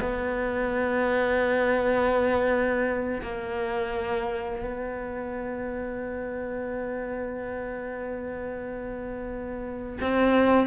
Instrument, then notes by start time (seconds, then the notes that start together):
cello
0.00 B3
3.22 A#3
4.62 B3
10.01 C4